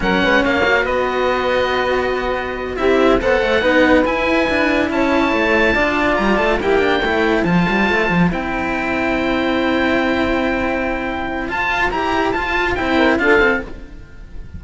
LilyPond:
<<
  \new Staff \with { instrumentName = "oboe" } { \time 4/4 \tempo 4 = 141 fis''4 f''4 dis''2~ | dis''2~ dis''8 e''4 fis''8~ | fis''4. gis''2 a''8~ | a''2~ a''8 ais''8 a''8 g''8~ |
g''4. a''2 g''8~ | g''1~ | g''2. a''4 | ais''4 a''4 g''4 f''4 | }
  \new Staff \with { instrumentName = "saxophone" } { \time 4/4 ais'8 b'8 cis''4 b'2~ | b'2~ b'8 g'4 c''8~ | c''8 b'2. cis''8~ | cis''4. d''2 g'8~ |
g'8 c''2.~ c''8~ | c''1~ | c''1~ | c''2~ c''8 ais'8 a'4 | }
  \new Staff \with { instrumentName = "cello" } { \time 4/4 cis'4. fis'2~ fis'8~ | fis'2~ fis'8 e'4 a'8~ | a'8 dis'4 e'2~ e'8~ | e'4. f'2 e'8 |
d'8 e'4 f'2 e'8~ | e'1~ | e'2. f'4 | g'4 f'4 e'4 f'8 a'8 | }
  \new Staff \with { instrumentName = "cello" } { \time 4/4 fis8 gis8 ais4 b2~ | b2~ b8 c'4 b8 | a8 b4 e'4 d'4 cis'8~ | cis'8 a4 d'4 g8 a8 ais8~ |
ais8 a4 f8 g8 a8 f8 c'8~ | c'1~ | c'2. f'4 | e'4 f'4 c'4 d'8 c'8 | }
>>